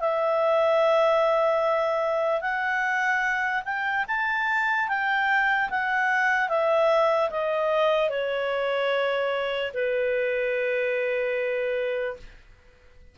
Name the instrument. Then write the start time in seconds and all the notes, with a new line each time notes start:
clarinet
0.00 E5
2.41 F#5
3.64 G5
4.08 A5
4.88 G5
5.70 F#5
6.49 E5
7.30 D#5
8.10 C#5
9.74 B4